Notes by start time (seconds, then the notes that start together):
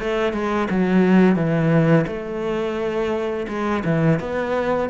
0.00 A3
0.33 G#3
0.70 F#3
1.36 E3
2.07 A3
3.49 G#3
3.85 E3
4.20 B3